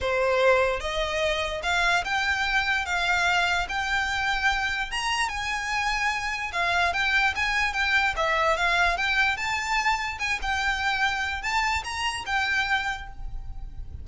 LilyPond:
\new Staff \with { instrumentName = "violin" } { \time 4/4 \tempo 4 = 147 c''2 dis''2 | f''4 g''2 f''4~ | f''4 g''2. | ais''4 gis''2. |
f''4 g''4 gis''4 g''4 | e''4 f''4 g''4 a''4~ | a''4 gis''8 g''2~ g''8 | a''4 ais''4 g''2 | }